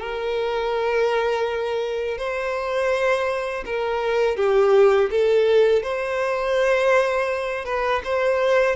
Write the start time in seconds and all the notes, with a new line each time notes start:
0.00 A#4
2.18 C5
3.66 A#4
4.37 G4
5.11 A4
5.83 C5
7.65 B4
8.05 C5